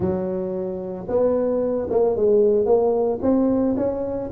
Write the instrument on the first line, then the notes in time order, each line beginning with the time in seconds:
tuba
0.00 F#3
1.08 B3
1.90 A#3
2.16 G#3
2.65 A#3
3.22 C4
3.76 C#4